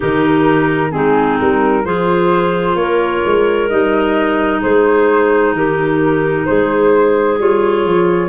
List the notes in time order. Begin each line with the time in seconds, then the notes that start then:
0.00 D#3 D#4 G4 A#4
0.91 G#3 C4 D#4 G#4
1.40 G3 A#4
1.84 F3 F4 G#4 C5
2.75 A#3 A#4 C#5
3.25 G#3
3.68 G3 D#4 D#5
4.61 G#3 G#4 C5
5.53 D#3 G4 A#4
6.45 G#3 G#4 C5
7.38 G3 F4 C#5
7.85 F3